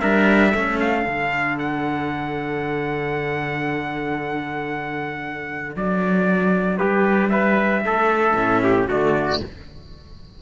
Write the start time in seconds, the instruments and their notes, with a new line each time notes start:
0.00 cello G3 D4, trumpet A#4 E5
0.49 cello A3 C#4, trumpet A4
0.79 trumpet F5
1.03 cello D3 D4
1.58 trumpet F#5
5.75 cello F#3, trumpet D5
6.77 cello G3, trumpet G4 B4
7.29 trumpet B4 E5
7.84 cello A3, trumpet A4
8.33 cello A2 C#4
8.63 trumpet G4
8.88 cello D3 A3, trumpet F#4 D5